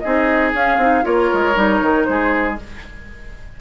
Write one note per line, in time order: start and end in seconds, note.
0.00 0.54 C4
0.00 0.54 D#4
0.00 1.05 G#4
0.00 0.50 D#5
0.54 0.79 C#4
0.54 0.78 C#4
0.54 1.06 F5
0.78 1.03 C4
0.78 1.03 D#4
1.03 1.31 A#3
1.03 1.54 F4
1.03 2.07 A#4
1.03 2.05 C#5
1.33 1.57 G#3
1.55 1.82 G3
1.55 2.56 D#4
1.82 2.07 D#3
2.05 2.59 G#3
2.05 2.61 G#4
2.05 2.55 C5